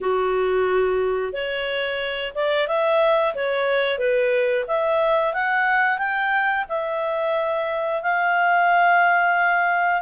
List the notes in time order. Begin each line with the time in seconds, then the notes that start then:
0.00 F#4
1.32 C#5
2.34 D5
2.67 E5
3.35 C#5
3.98 B4
4.67 E5
5.33 F#5
5.98 G5
6.68 E5
8.02 F5